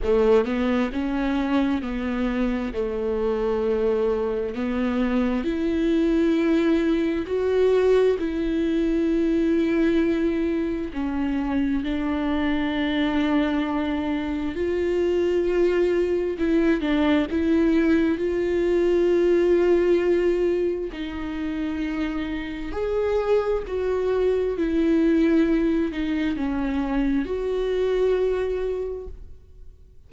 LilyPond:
\new Staff \with { instrumentName = "viola" } { \time 4/4 \tempo 4 = 66 a8 b8 cis'4 b4 a4~ | a4 b4 e'2 | fis'4 e'2. | cis'4 d'2. |
f'2 e'8 d'8 e'4 | f'2. dis'4~ | dis'4 gis'4 fis'4 e'4~ | e'8 dis'8 cis'4 fis'2 | }